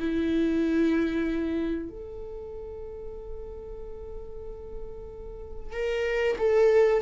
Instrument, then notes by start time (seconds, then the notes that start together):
viola
0.00 E4
1.90 A4
5.73 A#4
6.39 A4